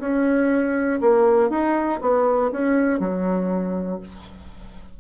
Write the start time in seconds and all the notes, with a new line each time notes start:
0.00 C#4
1.01 A#3
1.50 D#4
2.01 B3
2.51 C#4
3.00 F#3